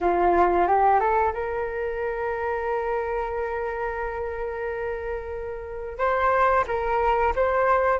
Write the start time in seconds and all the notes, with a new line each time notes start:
0.00 F4
0.67 G4
1.00 A4
1.32 A#4
5.98 C5
6.67 A#4
7.35 C5